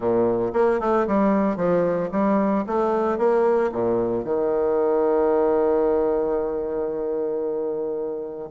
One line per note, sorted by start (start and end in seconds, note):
0.00 0.52 A#2
0.53 0.79 A#3
0.80 1.06 A3
1.07 1.56 G3
1.56 2.09 F3
2.11 2.64 G3
2.66 3.17 A3
3.17 3.70 A#3
3.72 4.24 A#2
4.24 8.49 D#3